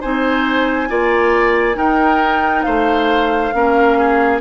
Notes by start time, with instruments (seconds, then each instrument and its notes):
0.00 bassoon C4, clarinet D#4, oboe C5, flute G#5
0.89 bassoon A#3, clarinet F4, oboe D5
1.74 clarinet D#4, bassoon D#4, oboe A#4, flute G5
2.62 bassoon A3, oboe C5, flute F5
3.53 bassoon A#3, clarinet C#4, oboe A#4
3.98 oboe G#4